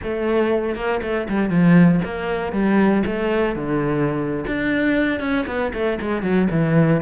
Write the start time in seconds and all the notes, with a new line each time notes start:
0.03 A3
0.75 A#3
1.02 A3
1.29 G3
1.49 F3
2.04 A#3
2.52 G3
3.06 A3
3.55 D3
4.46 D4
5.20 C#4
5.47 B3
5.73 A3
6.01 G#3
6.22 F#3
6.51 E3